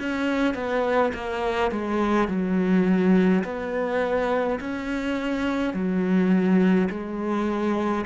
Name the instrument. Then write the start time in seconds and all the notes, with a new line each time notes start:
cello
0.00 C#4
0.55 B3
1.14 A#3
1.72 G#3
2.28 F#3
3.44 B3
4.60 C#4
5.74 F#3
6.90 G#3